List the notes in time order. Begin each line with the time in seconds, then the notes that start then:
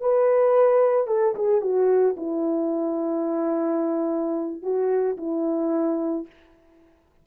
0.00 B4
1.07 A4
1.35 G#4
1.61 F#4
2.16 E4
4.62 F#4
5.17 E4